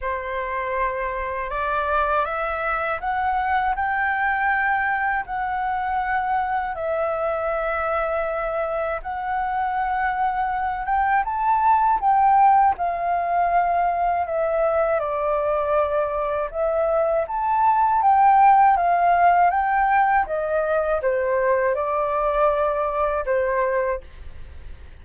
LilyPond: \new Staff \with { instrumentName = "flute" } { \time 4/4 \tempo 4 = 80 c''2 d''4 e''4 | fis''4 g''2 fis''4~ | fis''4 e''2. | fis''2~ fis''8 g''8 a''4 |
g''4 f''2 e''4 | d''2 e''4 a''4 | g''4 f''4 g''4 dis''4 | c''4 d''2 c''4 | }